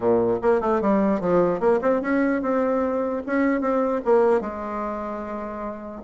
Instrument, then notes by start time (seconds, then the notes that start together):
bassoon
0.00 A#2
0.42 A#3
0.61 A3
0.81 G3
1.20 F3
1.59 A#3
1.81 C4
2.01 C#4
2.42 C4
3.26 C#4
3.61 C4
4.04 A#3
4.40 G#3